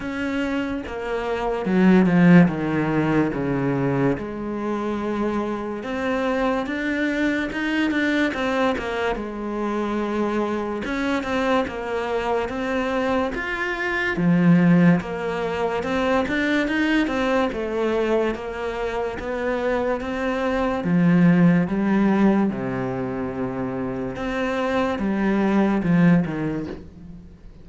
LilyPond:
\new Staff \with { instrumentName = "cello" } { \time 4/4 \tempo 4 = 72 cis'4 ais4 fis8 f8 dis4 | cis4 gis2 c'4 | d'4 dis'8 d'8 c'8 ais8 gis4~ | gis4 cis'8 c'8 ais4 c'4 |
f'4 f4 ais4 c'8 d'8 | dis'8 c'8 a4 ais4 b4 | c'4 f4 g4 c4~ | c4 c'4 g4 f8 dis8 | }